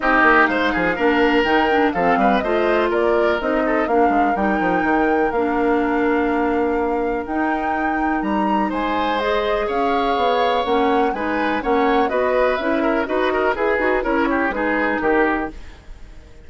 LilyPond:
<<
  \new Staff \with { instrumentName = "flute" } { \time 4/4 \tempo 4 = 124 dis''4 f''2 g''4 | f''4 dis''4 d''4 dis''4 | f''4 g''2 f''4~ | f''2. g''4~ |
g''4 ais''4 gis''4 dis''4 | f''2 fis''4 gis''4 | fis''4 dis''4 e''4 dis''4 | b'4 cis''4 b'4 ais'4 | }
  \new Staff \with { instrumentName = "oboe" } { \time 4/4 g'4 c''8 gis'8 ais'2 | a'8 b'8 c''4 ais'4. a'8 | ais'1~ | ais'1~ |
ais'2 c''2 | cis''2. b'4 | cis''4 b'4. ais'8 b'8 ais'8 | gis'4 ais'8 g'8 gis'4 g'4 | }
  \new Staff \with { instrumentName = "clarinet" } { \time 4/4 dis'2 d'4 dis'8 d'8 | c'4 f'2 dis'4 | d'4 dis'2 d'4~ | d'2. dis'4~ |
dis'2. gis'4~ | gis'2 cis'4 dis'4 | cis'4 fis'4 e'4 fis'4 | gis'8 fis'8 e'4 dis'2 | }
  \new Staff \with { instrumentName = "bassoon" } { \time 4/4 c'8 ais8 gis8 f8 ais4 dis4 | f8 g8 a4 ais4 c'4 | ais8 gis8 g8 f8 dis4 ais4~ | ais2. dis'4~ |
dis'4 g4 gis2 | cis'4 b4 ais4 gis4 | ais4 b4 cis'4 dis'4 | e'8 dis'8 cis'4 gis4 dis4 | }
>>